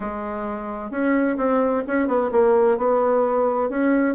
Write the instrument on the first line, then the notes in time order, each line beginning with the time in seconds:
bassoon
0.00 G#3
0.90 C#4
1.37 C4
1.87 C#4
2.07 B3
2.31 A#3
2.77 B3
3.69 C#4